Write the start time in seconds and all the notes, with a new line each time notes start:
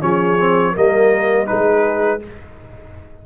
0.00 F3 C#4 G#4 C#5
0.37 C4
0.72 G3 A#3 A#4 D#5
1.46 G#3 D#4 G#4 B4